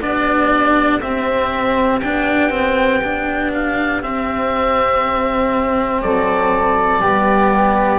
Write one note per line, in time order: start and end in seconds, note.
0.00 1.01 B3
0.00 1.01 D4
0.00 6.00 G4
0.00 1.00 D5
1.00 2.02 C4
1.00 2.03 C4
1.00 2.00 E5
2.02 4.04 B3
2.02 2.50 D4
2.02 3.52 G5
2.50 3.00 C4
3.04 4.03 D4
3.54 4.03 F5
4.03 7.01 C4
4.03 6.02 C4
4.03 6.02 E5
6.02 7.02 F#3
6.02 7.01 A4
6.02 7.99 D5
7.01 7.99 G3
7.01 7.99 B3
7.01 7.99 G4